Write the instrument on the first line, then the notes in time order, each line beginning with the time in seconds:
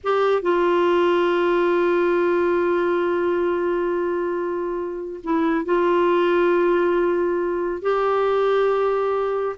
clarinet
0.03 G4
0.42 F4
5.23 E4
5.65 F4
7.82 G4